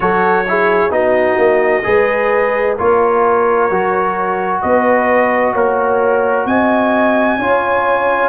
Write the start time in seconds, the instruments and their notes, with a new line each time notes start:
0.00 tuba F#3, trombone F#4, horn A4, trumpet C#5
0.47 trombone E4, horn G#4
0.90 tuba B3, trombone D#4, horn F#4, trumpet D#5
1.37 tuba A#3
1.83 tuba G#3, trombone G#4, horn B4
2.76 tuba A#3, trombone F4, horn A#4, trumpet C#5
3.70 tuba F#3, trombone F#4
4.61 tuba B3, horn B4, trumpet D#5
5.53 tuba A#3, trumpet A#4, horn C#5
6.45 tuba C4, horn D#5, trumpet G#5
7.38 tuba C#4, trombone F4, horn C#5